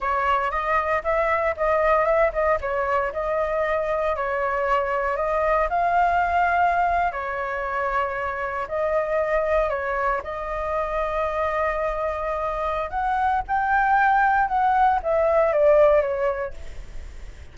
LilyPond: \new Staff \with { instrumentName = "flute" } { \time 4/4 \tempo 4 = 116 cis''4 dis''4 e''4 dis''4 | e''8 dis''8 cis''4 dis''2 | cis''2 dis''4 f''4~ | f''4.~ f''16 cis''2~ cis''16~ |
cis''8. dis''2 cis''4 dis''16~ | dis''1~ | dis''4 fis''4 g''2 | fis''4 e''4 d''4 cis''4 | }